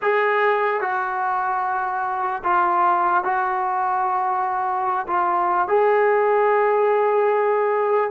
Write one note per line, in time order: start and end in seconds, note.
0.01 0.80 G#4
0.80 2.43 F#4
2.43 3.24 F4
3.24 5.06 F#4
5.07 5.68 F4
5.68 8.10 G#4